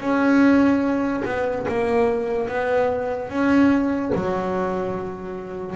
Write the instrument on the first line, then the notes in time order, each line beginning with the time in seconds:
double bass
0.00 C#4
1.25 B3
1.68 A#3
2.48 B3
3.30 C#4
4.15 F#3